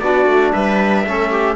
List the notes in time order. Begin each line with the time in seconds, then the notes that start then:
0.00 B3 D4 F#4 D5
0.27 A3
0.53 G3 B4 E5
1.06 A3 C#4 A4
1.31 G4